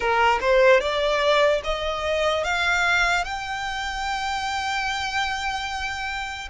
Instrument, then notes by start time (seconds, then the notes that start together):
violin
0.00 A#4
0.40 C5
0.80 D5
1.64 D#5
2.44 F5
3.24 G5